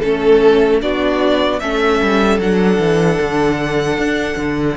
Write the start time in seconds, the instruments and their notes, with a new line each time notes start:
0.00 cello A3, viola C#4, violin A4
0.82 cello B3, viola D4, violin F#4 D5
1.60 cello A3, viola C#4, violin A4 E5
2.02 cello G3
2.39 cello F#3, viola D4, violin F#5
2.79 cello E3
3.21 cello D3
3.98 cello D4
4.37 cello D3